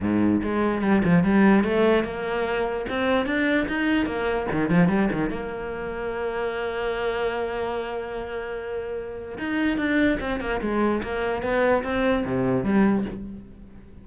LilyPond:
\new Staff \with { instrumentName = "cello" } { \time 4/4 \tempo 4 = 147 gis,4 gis4 g8 f8 g4 | a4 ais2 c'4 | d'4 dis'4 ais4 dis8 f8 | g8 dis8 ais2.~ |
ais1~ | ais2. dis'4 | d'4 c'8 ais8 gis4 ais4 | b4 c'4 c4 g4 | }